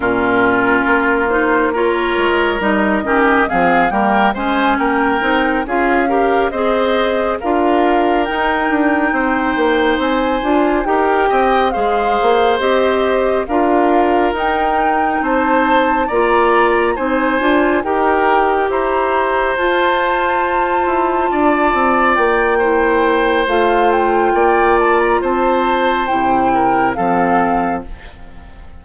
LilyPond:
<<
  \new Staff \with { instrumentName = "flute" } { \time 4/4 \tempo 4 = 69 ais'4. c''8 cis''4 dis''4 | f''8 g''8 gis''8 g''4 f''4 dis''8~ | dis''8 f''4 g''2 gis''8~ | gis''8 g''4 f''4 dis''4 f''8~ |
f''8 g''4 a''4 ais''4 gis''8~ | gis''8 g''4 ais''4 a''4.~ | a''4. g''4. f''8 g''8~ | g''8 a''16 ais''16 a''4 g''4 f''4 | }
  \new Staff \with { instrumentName = "oboe" } { \time 4/4 f'2 ais'4. g'8 | gis'8 ais'8 c''8 ais'4 gis'8 ais'8 c''8~ | c''8 ais'2 c''4.~ | c''8 ais'8 dis''8 c''2 ais'8~ |
ais'4. c''4 d''4 c''8~ | c''8 ais'4 c''2~ c''8~ | c''8 d''4. c''2 | d''4 c''4. ais'8 a'4 | }
  \new Staff \with { instrumentName = "clarinet" } { \time 4/4 cis'4. dis'8 f'4 dis'8 cis'8 | c'8 ais8 cis'4 dis'8 f'8 g'8 gis'8~ | gis'8 f'4 dis'2~ dis'8 | f'8 g'4 gis'4 g'4 f'8~ |
f'8 dis'2 f'4 dis'8 | f'8 g'2 f'4.~ | f'2 e'4 f'4~ | f'2 e'4 c'4 | }
  \new Staff \with { instrumentName = "bassoon" } { \time 4/4 ais,4 ais4. gis8 g8 dis8 | f8 g8 gis8 ais8 c'8 cis'4 c'8~ | c'8 d'4 dis'8 d'8 c'8 ais8 c'8 | d'8 dis'8 c'8 gis8 ais8 c'4 d'8~ |
d'8 dis'4 c'4 ais4 c'8 | d'8 dis'4 e'4 f'4. | e'8 d'8 c'8 ais4. a4 | ais4 c'4 c4 f4 | }
>>